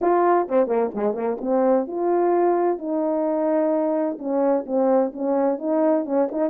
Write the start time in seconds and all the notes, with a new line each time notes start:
0.01 F4
0.48 C4
0.67 A#3
0.94 G#3
1.13 A#3
1.41 C4
1.87 F4
2.78 D#4
4.18 C#4
4.65 C4
5.13 C#4
5.58 D#4
6.05 C#4
6.31 D#4